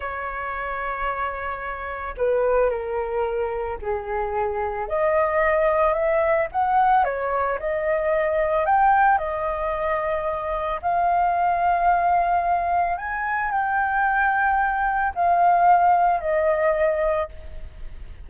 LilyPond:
\new Staff \with { instrumentName = "flute" } { \time 4/4 \tempo 4 = 111 cis''1 | b'4 ais'2 gis'4~ | gis'4 dis''2 e''4 | fis''4 cis''4 dis''2 |
g''4 dis''2. | f''1 | gis''4 g''2. | f''2 dis''2 | }